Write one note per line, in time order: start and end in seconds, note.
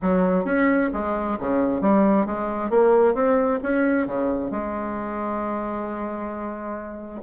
0.02 0.44 F#3
0.44 0.90 C#4
0.93 1.38 G#3
1.39 1.81 C#3
1.81 2.26 G3
2.26 2.70 G#3
2.70 3.14 A#3
3.14 3.59 C4
3.63 4.06 C#4
4.06 4.50 C#3
4.50 7.21 G#3